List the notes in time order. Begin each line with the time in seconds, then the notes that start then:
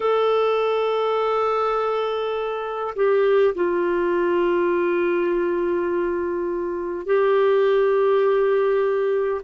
0.00 A4
2.95 G4
3.55 F4
7.06 G4